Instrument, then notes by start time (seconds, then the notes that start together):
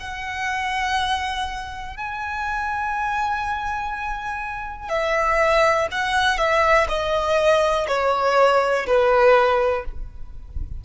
violin
0.00 F#5
1.97 G#5
4.89 E5
5.92 F#5
6.38 E5
6.89 D#5
7.88 C#5
8.87 B4